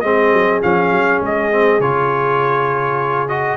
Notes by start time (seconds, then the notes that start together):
0.00 G#3 C4 G#4 D#5
0.32 F#3
0.62 F3 C#4 F5
0.90 F#3
1.20 G#3 D#5
1.51 C4
1.79 C#3 F4 C#5
3.28 F#4 D#5